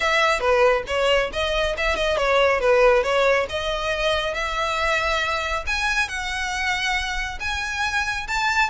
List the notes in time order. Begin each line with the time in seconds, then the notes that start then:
0.00 E5
0.40 B4
0.87 C#5
1.32 D#5
1.77 E5
1.96 D#5
2.17 C#5
2.60 B4
3.03 C#5
3.49 D#5
4.34 E5
5.66 G#5
6.08 F#5
7.40 G#5
8.27 A5